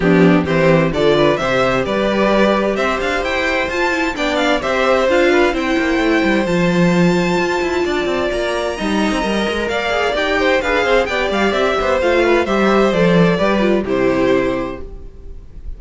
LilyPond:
<<
  \new Staff \with { instrumentName = "violin" } { \time 4/4 \tempo 4 = 130 g'4 c''4 d''4 e''4 | d''2 e''8 f''8 g''4 | a''4 g''8 f''8 e''4 f''4 | g''2 a''2~ |
a''2 ais''2~ | ais''4 f''4 g''4 f''4 | g''8 f''8 e''4 f''4 e''4 | d''2 c''2 | }
  \new Staff \with { instrumentName = "violin" } { \time 4/4 d'4 g'4 a'8 b'8 c''4 | b'2 c''2~ | c''4 d''4 c''4. b'8 | c''1~ |
c''4 d''2 dis''4~ | dis''4 d''4. c''8 b'8 c''8 | d''4. c''4 b'8 c''4~ | c''4 b'4 g'2 | }
  \new Staff \with { instrumentName = "viola" } { \time 4/4 b4 c'4 f'4 g'4~ | g'1 | f'8 e'8 d'4 g'4 f'4 | e'2 f'2~ |
f'2. dis'4 | ais'4. gis'8 g'4 gis'4 | g'2 f'4 g'4 | a'4 g'8 f'8 e'2 | }
  \new Staff \with { instrumentName = "cello" } { \time 4/4 f4 e4 d4 c4 | g2 c'8 d'8 e'4 | f'4 b4 c'4 d'4 | c'8 ais8 a8 g8 f2 |
f'8 e'8 d'8 c'8 ais4 g8. c'16 | g8 gis8 ais4 dis'4 d'8 c'8 | b8 g8 c'8 b8 a4 g4 | f4 g4 c2 | }
>>